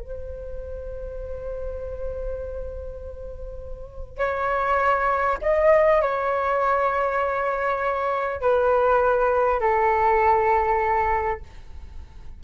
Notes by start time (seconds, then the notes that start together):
0.00 C5
4.18 C#5
5.41 D#5
6.02 C#5
8.41 B4
9.60 A4